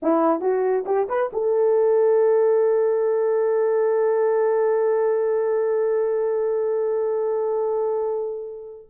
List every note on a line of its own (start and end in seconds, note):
0.02 0.40 E4
0.40 0.84 F#4
0.86 1.07 G4
1.08 1.30 B4
1.32 8.88 A4